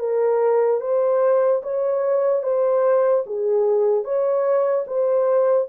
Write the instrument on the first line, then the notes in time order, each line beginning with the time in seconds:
horn
0.00 A#4
0.81 C5
1.63 C#5
2.44 C5
3.27 G#4
4.05 C#5
4.87 C5